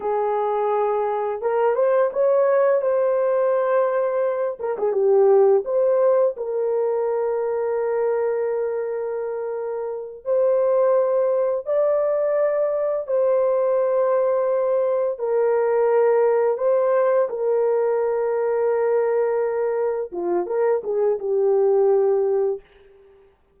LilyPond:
\new Staff \with { instrumentName = "horn" } { \time 4/4 \tempo 4 = 85 gis'2 ais'8 c''8 cis''4 | c''2~ c''8 ais'16 gis'16 g'4 | c''4 ais'2.~ | ais'2~ ais'8 c''4.~ |
c''8 d''2 c''4.~ | c''4. ais'2 c''8~ | c''8 ais'2.~ ais'8~ | ais'8 f'8 ais'8 gis'8 g'2 | }